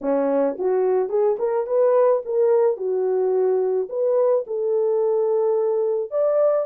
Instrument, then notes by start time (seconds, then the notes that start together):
horn
0.01 C#4
0.58 F#4
1.09 G#4
1.38 A#4
1.66 B4
2.25 A#4
2.76 F#4
3.89 B4
4.46 A4
6.11 D5